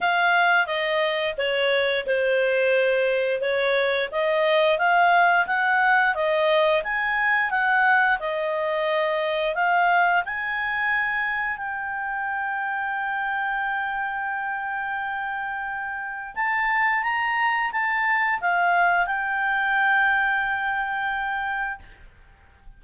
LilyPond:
\new Staff \with { instrumentName = "clarinet" } { \time 4/4 \tempo 4 = 88 f''4 dis''4 cis''4 c''4~ | c''4 cis''4 dis''4 f''4 | fis''4 dis''4 gis''4 fis''4 | dis''2 f''4 gis''4~ |
gis''4 g''2.~ | g''1 | a''4 ais''4 a''4 f''4 | g''1 | }